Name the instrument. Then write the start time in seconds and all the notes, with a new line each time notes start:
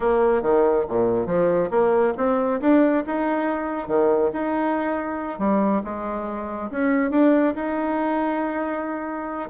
bassoon
0.00 A#3
0.42 D#3
0.88 A#2
1.26 F3
1.70 A#3
2.17 C4
2.60 D4
3.06 D#4
3.87 D#3
4.33 D#4
5.38 G3
5.84 G#3
6.70 C#4
7.10 D4
7.55 D#4